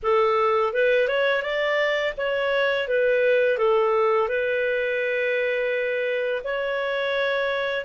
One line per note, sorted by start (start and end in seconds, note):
0.02 0.73 A4
0.73 1.07 B4
1.07 1.42 C#5
1.42 2.13 D5
2.17 2.88 C#5
2.88 3.58 B4
3.58 4.28 A4
4.28 6.42 B4
6.44 7.85 C#5